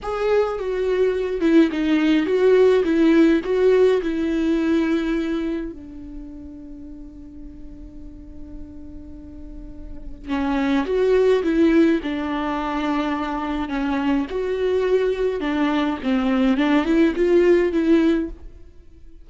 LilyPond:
\new Staff \with { instrumentName = "viola" } { \time 4/4 \tempo 4 = 105 gis'4 fis'4. e'8 dis'4 | fis'4 e'4 fis'4 e'4~ | e'2 d'2~ | d'1~ |
d'2 cis'4 fis'4 | e'4 d'2. | cis'4 fis'2 d'4 | c'4 d'8 e'8 f'4 e'4 | }